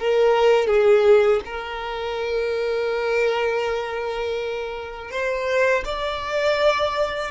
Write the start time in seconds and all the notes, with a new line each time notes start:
0.00 A#4
0.68 G#4
1.46 A#4
5.12 C5
5.85 D5